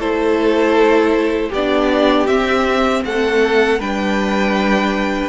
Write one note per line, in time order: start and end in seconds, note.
0.00 1.52 A3
0.00 1.52 E4
0.00 1.50 A4
0.00 1.52 C5
1.50 2.28 B3
1.50 3.02 G4
1.50 2.27 D5
1.57 2.28 D4
2.27 3.04 C4
2.27 3.80 C4
2.27 3.03 E5
3.05 3.80 A3
3.05 3.80 A4
3.05 3.81 F#5
3.80 5.30 G3
3.80 5.30 D4
3.80 5.30 B4
3.80 5.30 G5